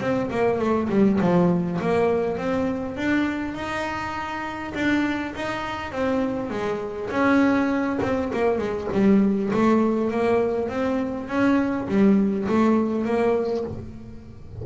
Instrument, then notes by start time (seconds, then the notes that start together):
double bass
0.00 C4
0.31 A#3
0.59 A3
0.89 G3
1.20 F3
1.81 A#3
2.37 C4
2.97 D4
3.55 D#4
4.75 D4
5.35 D#4
5.92 C4
6.50 G#3
7.10 C#4
8.02 C4
8.33 A#3
8.58 G#3
8.92 G3
9.53 A3
10.11 A#3
10.69 C4
11.28 C#4
11.88 G3
12.49 A3
13.05 A#3